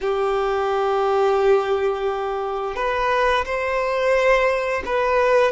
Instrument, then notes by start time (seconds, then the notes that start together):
violin
0.01 G4
2.75 B4
3.45 C5
4.85 B4